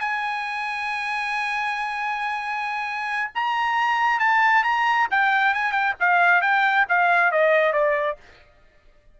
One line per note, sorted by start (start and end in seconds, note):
0.00 3.31 G#5
3.34 4.19 A#5
4.19 4.63 A5
4.63 5.07 A#5
5.11 5.54 G5
5.54 5.72 G#5
5.72 5.94 G5
6.00 6.42 F5
6.42 6.86 G5
6.88 7.31 F5
7.31 7.72 D#5
7.72 8.17 D5